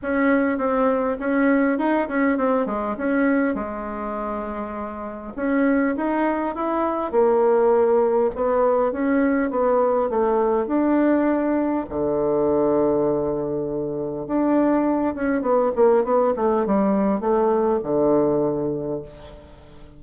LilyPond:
\new Staff \with { instrumentName = "bassoon" } { \time 4/4 \tempo 4 = 101 cis'4 c'4 cis'4 dis'8 cis'8 | c'8 gis8 cis'4 gis2~ | gis4 cis'4 dis'4 e'4 | ais2 b4 cis'4 |
b4 a4 d'2 | d1 | d'4. cis'8 b8 ais8 b8 a8 | g4 a4 d2 | }